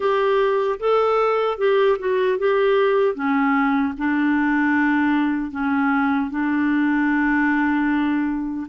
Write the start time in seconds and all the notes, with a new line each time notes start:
0.00 G4
0.79 A4
1.58 G4
1.98 F#4
2.38 G4
3.14 C#4
3.97 D4
5.51 C#4
6.30 D4